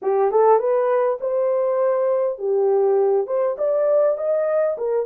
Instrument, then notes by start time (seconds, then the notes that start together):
horn
0.02 G4
0.31 A4
0.59 B4
1.20 C5
2.38 G4
3.26 C5
3.58 D5
4.17 D#5
4.77 A#4